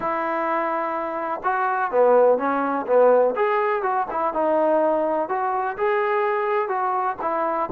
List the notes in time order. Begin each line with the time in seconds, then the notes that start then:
0.00 E4
1.43 F#4
1.91 B3
2.38 C#4
2.87 B3
3.35 G#4
3.82 F#4
4.10 E4
4.33 D#4
5.28 F#4
5.77 G#4
6.68 F#4
7.21 E4